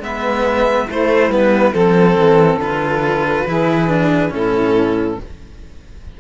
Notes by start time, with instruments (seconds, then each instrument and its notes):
0.00 cello G#3 B3, saxophone B4, violin E5
0.89 cello A3, saxophone E4, violin C5
1.29 cello G3 B3, violin B4
1.74 cello F3 C4, violin A4, saxophone A4
2.17 cello E3
2.57 cello D3 F4, violin B4
3.47 cello E3 E4, saxophone G#4
3.88 cello D4
4.30 cello A2 C#4, saxophone E4, violin A4